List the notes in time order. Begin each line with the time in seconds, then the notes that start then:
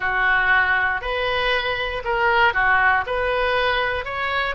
0.00 F#4
1.01 B4
2.04 A#4
2.53 F#4
3.06 B4
4.04 C#5